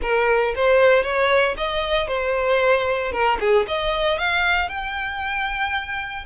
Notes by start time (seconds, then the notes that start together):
0.02 A#4
0.55 C5
1.03 C#5
1.57 D#5
2.07 C5
3.11 A#4
3.39 G#4
3.67 D#5
4.18 F5
4.68 G5